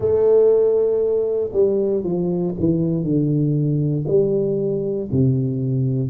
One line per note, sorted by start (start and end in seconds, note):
0.00 1.51 A3
1.53 2.03 G3
2.03 2.54 F3
2.59 3.03 E3
3.03 4.05 D3
4.07 5.09 G3
5.11 6.10 C3